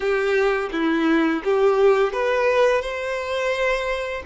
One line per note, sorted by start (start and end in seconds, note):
0.00 0.69 G4
0.72 1.42 E4
1.44 2.12 G4
2.12 2.81 B4
2.81 4.22 C5